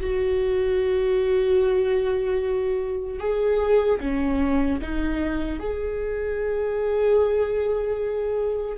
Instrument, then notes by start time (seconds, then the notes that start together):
viola
0.00 F#4
3.19 G#4
4.00 C#4
4.81 D#4
5.59 G#4